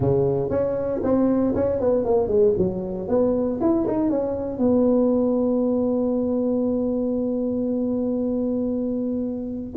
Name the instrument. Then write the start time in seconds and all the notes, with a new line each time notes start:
tuba
0.00 C#3
0.50 C#4
1.03 C4
1.55 C#4
1.80 B3
2.04 A#3
2.27 G#3
2.57 F#3
3.08 B3
3.61 E4
3.87 D#4
4.09 C#4
4.58 B3